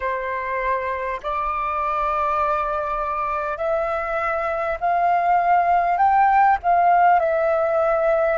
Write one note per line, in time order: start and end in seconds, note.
0.00 1.20 C5
1.23 3.57 D5
3.57 4.77 E5
4.80 5.97 F5
5.97 6.57 G5
6.63 7.19 F5
7.19 8.38 E5